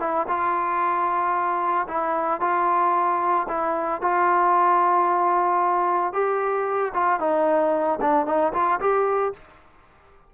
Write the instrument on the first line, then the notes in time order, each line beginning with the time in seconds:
trombone
0.00 E4
0.28 F4
1.88 E4
2.41 F4
3.48 E4
4.02 F4
6.13 G4
6.94 F4
7.20 D#4
8.01 D4
8.26 D#4
8.53 F4
8.80 G4